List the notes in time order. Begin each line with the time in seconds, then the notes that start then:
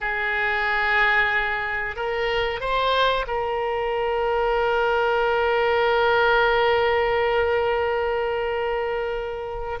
0.00 G#4
1.96 A#4
2.60 C5
3.27 A#4